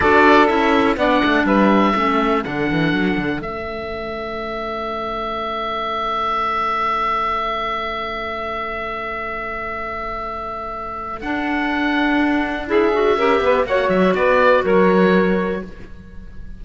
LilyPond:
<<
  \new Staff \with { instrumentName = "oboe" } { \time 4/4 \tempo 4 = 123 d''4 e''4 fis''4 e''4~ | e''4 fis''2 e''4~ | e''1~ | e''1~ |
e''1~ | e''2. fis''4~ | fis''2 e''2 | fis''8 e''8 d''4 cis''2 | }
  \new Staff \with { instrumentName = "saxophone" } { \time 4/4 a'2 d''4 b'4 | a'1~ | a'1~ | a'1~ |
a'1~ | a'1~ | a'2 gis'4 ais'8 b'8 | cis''4 b'4 ais'2 | }
  \new Staff \with { instrumentName = "clarinet" } { \time 4/4 fis'4 e'4 d'2 | cis'4 d'2 cis'4~ | cis'1~ | cis'1~ |
cis'1~ | cis'2. d'4~ | d'2 e'8 fis'8 g'4 | fis'1 | }
  \new Staff \with { instrumentName = "cello" } { \time 4/4 d'4 cis'4 b8 a8 g4 | a4 d8 e8 fis8 d8 a4~ | a1~ | a1~ |
a1~ | a2. d'4~ | d'2. cis'8 b8 | ais8 fis8 b4 fis2 | }
>>